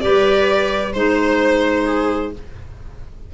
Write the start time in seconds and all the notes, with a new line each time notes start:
0.00 G3 G4 B4 D5
0.93 G#3 D#4 C5
1.85 G#4